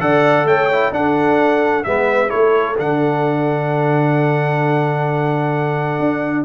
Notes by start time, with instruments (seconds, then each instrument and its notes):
0.00 tuba D3, trombone A4, horn D5, trumpet F#5
0.44 tuba A3, horn C#5, trumpet G5
0.72 trombone E4
0.91 tuba D4, trombone D4, horn A4, trumpet F#5
1.84 tuba G#3, trombone B3, horn B4, trumpet E5
2.28 tuba A3, trombone E4, horn A4, trumpet C#5
2.77 tuba D3, trombone D4, trumpet F#5
5.99 tuba D4